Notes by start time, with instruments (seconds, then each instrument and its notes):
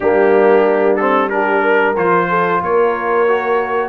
0.00 tuba G3, trombone A#3, horn D4, trumpet G4
0.96 trombone C4, trumpet A4
1.29 trombone D4, horn G4, trumpet A#4
1.61 horn A#4
1.96 tuba F3, trombone F4, trumpet C5
2.29 horn A4
2.61 tuba A#3, horn A#4, trumpet C#5
3.27 trombone F#4